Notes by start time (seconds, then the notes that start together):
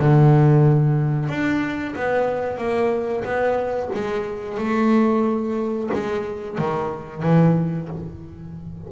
0.00 D3
1.29 D4
1.96 B3
2.58 A#3
3.25 B3
3.94 G#3
4.58 A3
5.94 G#3
6.58 D#3
7.23 E3